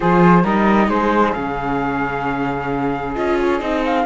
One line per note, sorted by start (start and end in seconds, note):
0.00 0.43 F3
0.00 0.42 F4
0.00 0.42 G#4
0.00 0.45 C5
0.42 0.87 G3
0.42 1.35 D#4
0.42 0.87 A#4
0.42 0.89 D#5
0.87 1.32 G#3
0.87 4.05 G#4
0.87 1.32 C5
1.32 3.16 C#3
1.32 3.16 C#4
1.32 3.13 F5
3.15 3.61 C#4
3.15 3.60 F4
3.15 3.37 D#5
3.39 3.59 C#5
3.59 4.05 C4
3.59 4.05 D#4
3.59 3.82 D#5
3.85 4.05 F5